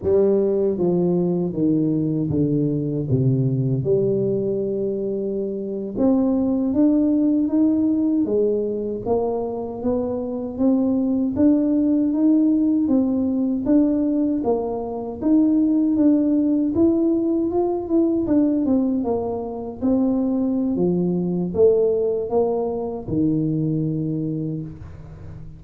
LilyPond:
\new Staff \with { instrumentName = "tuba" } { \time 4/4 \tempo 4 = 78 g4 f4 dis4 d4 | c4 g2~ g8. c'16~ | c'8. d'4 dis'4 gis4 ais16~ | ais8. b4 c'4 d'4 dis'16~ |
dis'8. c'4 d'4 ais4 dis'16~ | dis'8. d'4 e'4 f'8 e'8 d'16~ | d'16 c'8 ais4 c'4~ c'16 f4 | a4 ais4 dis2 | }